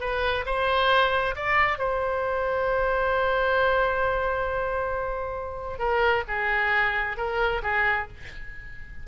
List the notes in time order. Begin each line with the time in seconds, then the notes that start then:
0.00 B4
0.45 C5
1.35 D5
1.78 C5
5.78 A#4
6.28 G#4
7.17 A#4
7.62 G#4